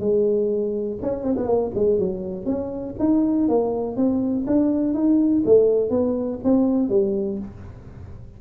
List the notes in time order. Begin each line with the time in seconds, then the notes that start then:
0.00 G#3
1.02 C#4
1.23 C4
1.37 B3
1.46 A#3
1.75 G#3
1.99 F#3
2.45 C#4
2.99 D#4
3.49 A#3
3.97 C4
4.47 D4
4.94 D#4
5.45 A3
5.90 B3
6.44 C4
6.89 G3